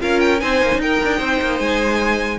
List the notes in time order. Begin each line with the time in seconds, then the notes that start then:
0.00 C#4 F4 A#4 F5
0.20 G5
0.38 C4 D#4 C5 G#5
0.62 A#3
0.72 C#4
0.78 D#4 A#4 G5
1.04 D4
1.18 C4 C5
1.41 A#3
1.59 G#3 G#5